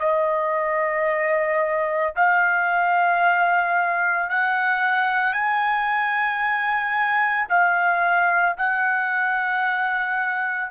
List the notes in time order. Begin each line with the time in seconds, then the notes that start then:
0.00 D#5
2.16 F5
4.30 F#5
5.34 G#5
7.50 F5
8.58 F#5